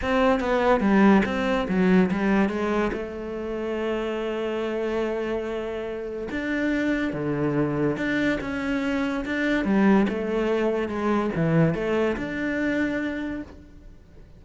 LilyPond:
\new Staff \with { instrumentName = "cello" } { \time 4/4 \tempo 4 = 143 c'4 b4 g4 c'4 | fis4 g4 gis4 a4~ | a1~ | a2. d'4~ |
d'4 d2 d'4 | cis'2 d'4 g4 | a2 gis4 e4 | a4 d'2. | }